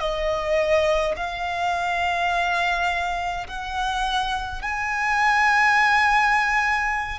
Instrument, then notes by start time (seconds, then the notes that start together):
violin
0.00 D#5
1.16 F5
3.47 F#5
4.62 G#5